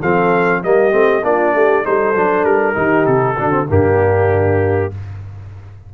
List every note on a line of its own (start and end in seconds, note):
0.00 0.64 F3
0.00 0.64 C4
0.00 0.61 A4
0.00 0.63 F5
0.64 0.93 G3
0.64 0.92 A#3
0.64 1.25 G4
0.64 1.25 D#5
0.92 1.23 A3
0.92 1.22 C4
1.23 1.54 A#3
1.23 1.84 D4
1.23 1.55 F4
1.23 1.86 D5
1.55 1.85 A3
1.55 1.84 G4
1.84 2.15 G3
1.84 2.15 D#4
1.84 2.76 A4
1.84 2.45 C5
2.15 2.44 F#3
2.15 2.74 D4
2.44 2.75 G3
2.44 3.06 A#4
2.74 3.07 D#3
2.74 3.36 D#4
2.74 3.37 G4
3.06 3.38 C3
3.06 3.67 A4
3.37 3.70 D3
3.37 3.51 D4
3.37 3.67 F#4
3.51 3.66 C4
3.69 4.93 G2
3.69 4.92 A#3
3.69 4.93 D4
3.69 4.94 G4